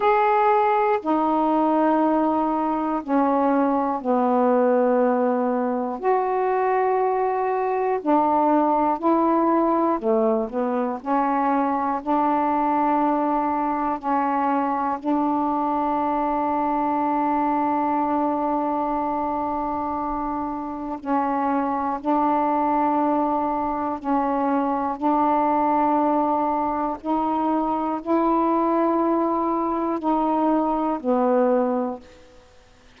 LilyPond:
\new Staff \with { instrumentName = "saxophone" } { \time 4/4 \tempo 4 = 60 gis'4 dis'2 cis'4 | b2 fis'2 | d'4 e'4 a8 b8 cis'4 | d'2 cis'4 d'4~ |
d'1~ | d'4 cis'4 d'2 | cis'4 d'2 dis'4 | e'2 dis'4 b4 | }